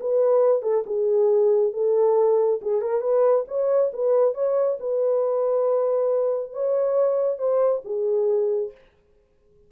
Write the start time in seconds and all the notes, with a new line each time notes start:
0.00 B4
0.62 A4
0.86 G#4
1.73 A4
2.62 G#4
2.81 A#4
3.01 B4
3.48 C#5
3.93 B4
4.34 C#5
4.80 B4
6.53 C#5
7.38 C5
7.84 G#4